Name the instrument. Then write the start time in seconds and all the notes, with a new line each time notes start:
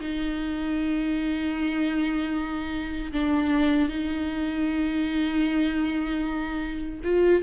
viola
0.00 D#4
3.12 D4
3.88 D#4
7.03 F4